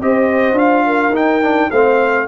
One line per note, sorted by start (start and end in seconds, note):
0.00 0.53 C4
0.00 0.55 G4
0.00 0.86 C5
0.00 0.58 D#5
0.53 1.10 D4
0.53 1.12 F4
0.53 1.15 F5
0.86 1.71 A#4
1.10 1.67 D#4
1.10 1.42 D#4
1.16 1.71 G5
1.42 1.71 D4
1.71 2.28 A3
1.71 2.28 C4
1.71 2.28 C5
1.71 2.28 F5